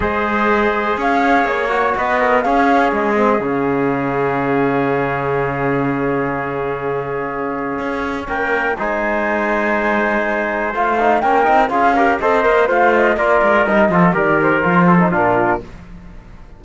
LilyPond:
<<
  \new Staff \with { instrumentName = "flute" } { \time 4/4 \tempo 4 = 123 dis''2 f''4 cis''4 | dis''4 f''4 dis''4 f''4~ | f''1~ | f''1~ |
f''4 g''4 gis''2~ | gis''2 f''4 g''4 | f''4 dis''4 f''8 dis''8 d''4 | dis''4 d''8 c''4. ais'4 | }
  \new Staff \with { instrumentName = "trumpet" } { \time 4/4 c''2 cis''2 | b'8 ais'8 gis'2.~ | gis'1~ | gis'1~ |
gis'4 ais'4 c''2~ | c''2. ais'4 | gis'8 ais'8 c''4 f'4 ais'4~ | ais'8 a'8 ais'4. a'8 f'4 | }
  \new Staff \with { instrumentName = "trombone" } { \time 4/4 gis'2.~ gis'8 fis'8~ | fis'4 cis'4. c'8 cis'4~ | cis'1~ | cis'1~ |
cis'2 dis'2~ | dis'2 f'8 dis'8 cis'8 dis'8 | f'8 g'8 a'8 ais'8 c''4 f'4 | dis'8 f'8 g'4 f'8. dis'16 d'4 | }
  \new Staff \with { instrumentName = "cello" } { \time 4/4 gis2 cis'4 ais4 | b4 cis'4 gis4 cis4~ | cis1~ | cis1 |
cis'4 ais4 gis2~ | gis2 a4 ais8 c'8 | cis'4 c'8 ais8 a4 ais8 gis8 | g8 f8 dis4 f4 ais,4 | }
>>